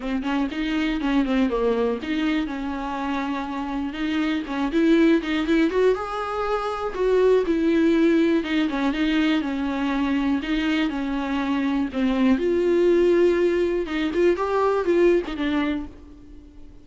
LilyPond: \new Staff \with { instrumentName = "viola" } { \time 4/4 \tempo 4 = 121 c'8 cis'8 dis'4 cis'8 c'8 ais4 | dis'4 cis'2. | dis'4 cis'8 e'4 dis'8 e'8 fis'8 | gis'2 fis'4 e'4~ |
e'4 dis'8 cis'8 dis'4 cis'4~ | cis'4 dis'4 cis'2 | c'4 f'2. | dis'8 f'8 g'4 f'8. dis'16 d'4 | }